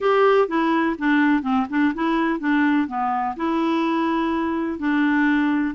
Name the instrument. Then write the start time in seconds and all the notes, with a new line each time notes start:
clarinet
0.00 G4
0.48 E4
0.98 D4
1.42 C4
1.69 D4
1.94 E4
2.39 D4
2.87 B3
3.36 E4
4.78 D4